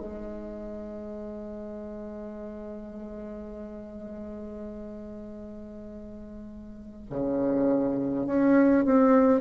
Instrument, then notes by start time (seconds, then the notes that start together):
bassoon
0.00 G#3
7.10 C#3
8.26 C#4
8.85 C4